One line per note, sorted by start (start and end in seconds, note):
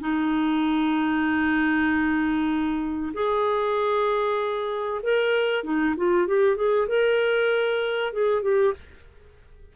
0.00 3.12 D#4
3.14 5.01 G#4
5.03 5.64 A#4
5.64 5.95 D#4
5.97 6.27 F4
6.27 6.56 G4
6.56 6.88 G#4
6.88 8.13 A#4
8.13 8.42 G#4
8.42 8.74 G4